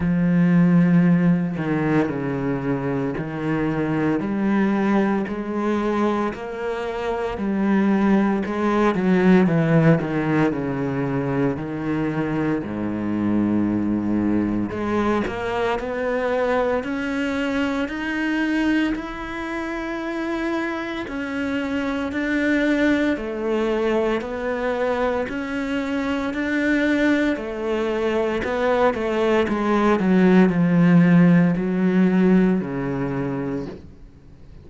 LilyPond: \new Staff \with { instrumentName = "cello" } { \time 4/4 \tempo 4 = 57 f4. dis8 cis4 dis4 | g4 gis4 ais4 g4 | gis8 fis8 e8 dis8 cis4 dis4 | gis,2 gis8 ais8 b4 |
cis'4 dis'4 e'2 | cis'4 d'4 a4 b4 | cis'4 d'4 a4 b8 a8 | gis8 fis8 f4 fis4 cis4 | }